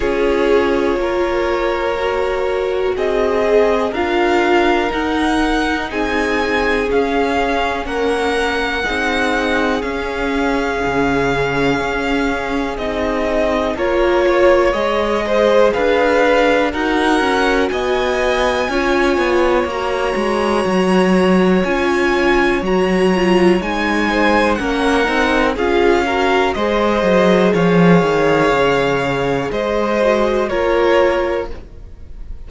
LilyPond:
<<
  \new Staff \with { instrumentName = "violin" } { \time 4/4 \tempo 4 = 61 cis''2. dis''4 | f''4 fis''4 gis''4 f''4 | fis''2 f''2~ | f''4 dis''4 cis''4 dis''4 |
f''4 fis''4 gis''2 | ais''2 gis''4 ais''4 | gis''4 fis''4 f''4 dis''4 | f''2 dis''4 cis''4 | }
  \new Staff \with { instrumentName = "violin" } { \time 4/4 gis'4 ais'2 gis'4 | ais'2 gis'2 | ais'4 gis'2.~ | gis'2 ais'8 cis''4 c''8 |
b'4 ais'4 dis''4 cis''4~ | cis''1~ | cis''8 c''8 ais'4 gis'8 ais'8 c''4 | cis''2 c''4 ais'4 | }
  \new Staff \with { instrumentName = "viola" } { \time 4/4 f'2 fis'4. gis'8 | f'4 dis'2 cis'4~ | cis'4 dis'4 cis'2~ | cis'4 dis'4 f'4 gis'4~ |
gis'4 fis'2 f'4 | fis'2 f'4 fis'8 f'8 | dis'4 cis'8 dis'8 f'8 fis'8 gis'4~ | gis'2~ gis'8 fis'8 f'4 | }
  \new Staff \with { instrumentName = "cello" } { \time 4/4 cis'4 ais2 c'4 | d'4 dis'4 c'4 cis'4 | ais4 c'4 cis'4 cis4 | cis'4 c'4 ais4 gis4 |
d'4 dis'8 cis'8 b4 cis'8 b8 | ais8 gis8 fis4 cis'4 fis4 | gis4 ais8 c'8 cis'4 gis8 fis8 | f8 dis8 cis4 gis4 ais4 | }
>>